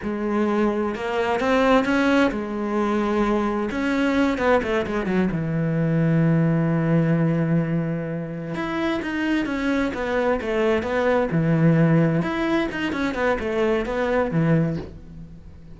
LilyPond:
\new Staff \with { instrumentName = "cello" } { \time 4/4 \tempo 4 = 130 gis2 ais4 c'4 | cis'4 gis2. | cis'4. b8 a8 gis8 fis8 e8~ | e1~ |
e2~ e8 e'4 dis'8~ | dis'8 cis'4 b4 a4 b8~ | b8 e2 e'4 dis'8 | cis'8 b8 a4 b4 e4 | }